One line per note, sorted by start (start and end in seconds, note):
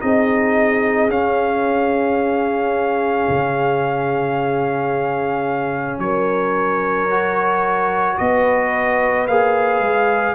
0.00 1.09 C4
0.00 1.09 D#4
0.00 6.02 G#4
0.00 1.10 D#5
1.09 3.27 C#4
1.09 7.10 C#4
1.09 6.00 F5
3.29 5.99 C#3
5.99 8.17 F#3
5.99 8.19 A#4
5.99 8.18 C#5
7.10 9.28 F#4
8.18 9.28 B3
8.18 10.35 B4
8.18 9.27 D#5
9.28 9.80 A#3
9.28 10.35 G#4
9.28 10.35 F5
9.80 10.35 G#3